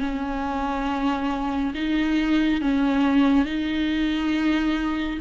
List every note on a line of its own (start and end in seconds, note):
0.00 1.74 C#4
1.75 2.62 D#4
2.62 3.46 C#4
3.46 5.20 D#4